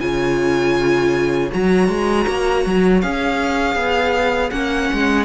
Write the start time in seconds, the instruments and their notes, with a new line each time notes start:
0.00 cello C#3, viola F4, violin C#5 G#5
1.51 cello F#3, viola F#4, violin A#5
1.89 cello G#3
2.28 cello A#3
2.66 cello F#3
3.01 cello C#4, viola G#4, violin F5
3.76 cello B3
4.51 cello A#3, viola C#4, violin F#5
4.93 cello G#3